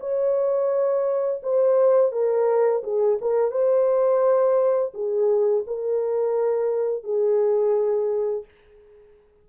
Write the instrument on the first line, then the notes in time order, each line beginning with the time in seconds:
horn
0.00 C#5
1.43 C5
2.12 A#4
2.83 G#4
3.21 A#4
3.51 C5
4.94 G#4
5.67 A#4
7.03 G#4